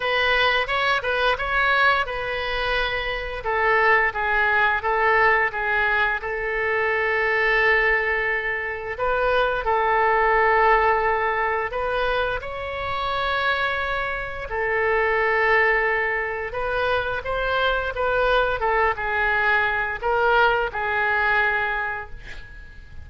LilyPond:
\new Staff \with { instrumentName = "oboe" } { \time 4/4 \tempo 4 = 87 b'4 cis''8 b'8 cis''4 b'4~ | b'4 a'4 gis'4 a'4 | gis'4 a'2.~ | a'4 b'4 a'2~ |
a'4 b'4 cis''2~ | cis''4 a'2. | b'4 c''4 b'4 a'8 gis'8~ | gis'4 ais'4 gis'2 | }